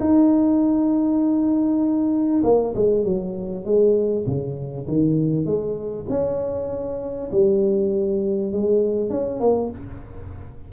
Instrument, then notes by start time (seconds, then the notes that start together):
tuba
0.00 D#4
2.44 A#3
2.75 G#3
3.05 F#3
3.65 G#3
4.26 C#3
4.88 D#3
5.46 G#3
6.09 C#4
7.32 G3
8.52 G#3
9.10 C#4
9.40 A#3